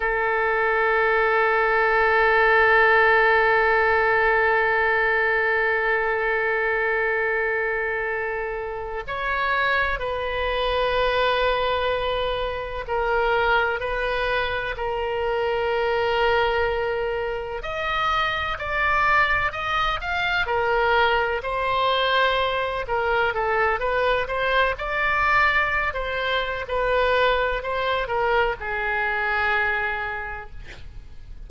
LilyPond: \new Staff \with { instrumentName = "oboe" } { \time 4/4 \tempo 4 = 63 a'1~ | a'1~ | a'4. cis''4 b'4.~ | b'4. ais'4 b'4 ais'8~ |
ais'2~ ais'8 dis''4 d''8~ | d''8 dis''8 f''8 ais'4 c''4. | ais'8 a'8 b'8 c''8 d''4~ d''16 c''8. | b'4 c''8 ais'8 gis'2 | }